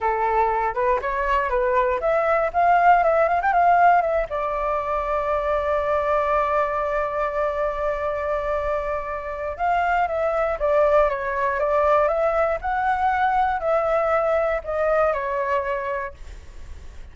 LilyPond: \new Staff \with { instrumentName = "flute" } { \time 4/4 \tempo 4 = 119 a'4. b'8 cis''4 b'4 | e''4 f''4 e''8 f''16 g''16 f''4 | e''8 d''2.~ d''8~ | d''1~ |
d''2. f''4 | e''4 d''4 cis''4 d''4 | e''4 fis''2 e''4~ | e''4 dis''4 cis''2 | }